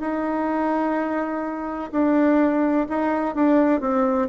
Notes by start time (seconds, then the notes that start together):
0.00 D#4
1.92 D4
2.89 D#4
3.35 D4
3.81 C4